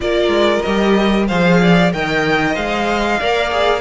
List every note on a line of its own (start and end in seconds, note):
0.00 0.27 A#3
0.00 0.63 F4
0.00 1.27 A#4
0.00 0.62 D5
0.27 0.59 G#3
0.62 1.30 G3
0.62 1.29 G4
0.62 1.26 D#5
1.27 1.93 F3
1.27 1.92 G#4
1.27 1.59 C5
1.27 1.91 F5
1.61 1.93 D5
1.92 2.56 D#3
1.92 2.53 A#4
1.92 3.20 D#5
1.92 2.55 G5
2.53 3.20 G#3
2.53 3.17 C5
2.53 3.81 F5
3.20 3.81 A#3
3.20 3.50 A#4
3.20 3.81 D5
3.50 3.81 G#4